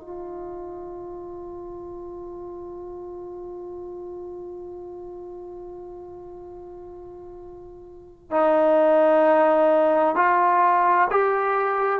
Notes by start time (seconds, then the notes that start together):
0.00 F4
8.30 D#4
10.15 F4
11.10 G4